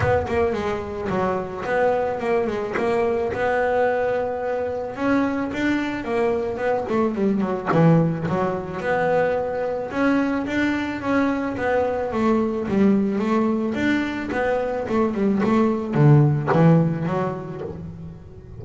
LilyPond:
\new Staff \with { instrumentName = "double bass" } { \time 4/4 \tempo 4 = 109 b8 ais8 gis4 fis4 b4 | ais8 gis8 ais4 b2~ | b4 cis'4 d'4 ais4 | b8 a8 g8 fis8 e4 fis4 |
b2 cis'4 d'4 | cis'4 b4 a4 g4 | a4 d'4 b4 a8 g8 | a4 d4 e4 fis4 | }